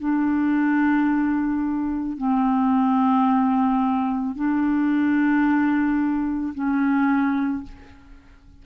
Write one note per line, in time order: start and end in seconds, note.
0.00 2.18 D4
2.18 4.35 C4
4.35 6.54 D4
6.55 7.64 C#4